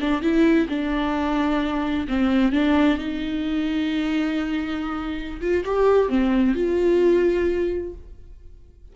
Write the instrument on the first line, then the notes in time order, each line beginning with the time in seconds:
viola
0.00 D4
0.21 E4
0.69 D4
2.08 C4
2.52 D4
2.98 D#4
5.41 F4
5.65 G4
6.09 C4
6.54 F4